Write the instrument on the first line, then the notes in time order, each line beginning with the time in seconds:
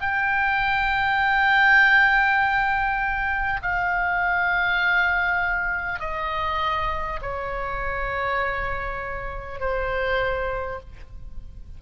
oboe
0.00 G5
3.62 F5
5.99 D#5
7.21 C#5
9.59 C5